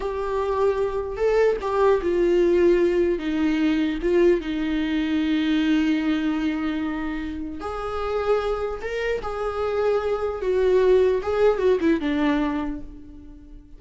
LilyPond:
\new Staff \with { instrumentName = "viola" } { \time 4/4 \tempo 4 = 150 g'2. a'4 | g'4 f'2. | dis'2 f'4 dis'4~ | dis'1~ |
dis'2. gis'4~ | gis'2 ais'4 gis'4~ | gis'2 fis'2 | gis'4 fis'8 e'8 d'2 | }